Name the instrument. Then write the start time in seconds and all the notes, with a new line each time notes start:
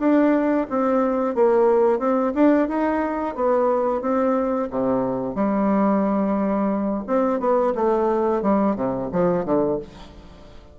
bassoon
0.00 D4
0.70 C4
1.35 A#3
1.99 C4
2.35 D4
2.69 D#4
3.36 B3
4.02 C4
4.71 C3
5.36 G3
7.08 C4
7.40 B3
7.76 A3
8.43 G3
8.76 C3
9.13 F3
9.46 D3